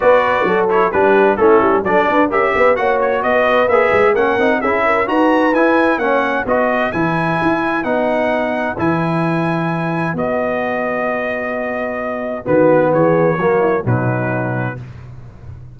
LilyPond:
<<
  \new Staff \with { instrumentName = "trumpet" } { \time 4/4 \tempo 4 = 130 d''4. cis''8 b'4 a'4 | d''4 e''4 fis''8 cis''8 dis''4 | e''4 fis''4 e''4 ais''4 | gis''4 fis''4 dis''4 gis''4~ |
gis''4 fis''2 gis''4~ | gis''2 dis''2~ | dis''2. b'4 | cis''2 b'2 | }
  \new Staff \with { instrumentName = "horn" } { \time 4/4 b'4 a'4 g'4 e'4 | a'8 b'8 ais'8 b'8 cis''4 b'4~ | b'4 ais'4 gis'8 ais'8 b'4~ | b'4 cis''4 b'2~ |
b'1~ | b'1~ | b'2. fis'4 | gis'4 fis'8 e'8 dis'2 | }
  \new Staff \with { instrumentName = "trombone" } { \time 4/4 fis'4. e'8 d'4 cis'4 | d'4 g'4 fis'2 | gis'4 cis'8 dis'8 e'4 fis'4 | e'4 cis'4 fis'4 e'4~ |
e'4 dis'2 e'4~ | e'2 fis'2~ | fis'2. b4~ | b4 ais4 fis2 | }
  \new Staff \with { instrumentName = "tuba" } { \time 4/4 b4 fis4 g4 a8 g8 | fis8 d'8 cis'8 b8 ais4 b4 | ais8 gis8 ais8 c'8 cis'4 dis'4 | e'4 ais4 b4 e4 |
e'4 b2 e4~ | e2 b2~ | b2. dis4 | e4 fis4 b,2 | }
>>